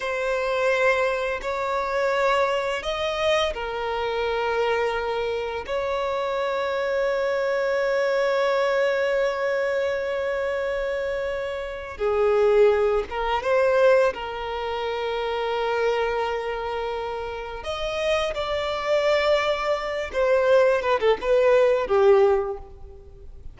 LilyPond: \new Staff \with { instrumentName = "violin" } { \time 4/4 \tempo 4 = 85 c''2 cis''2 | dis''4 ais'2. | cis''1~ | cis''1~ |
cis''4 gis'4. ais'8 c''4 | ais'1~ | ais'4 dis''4 d''2~ | d''8 c''4 b'16 a'16 b'4 g'4 | }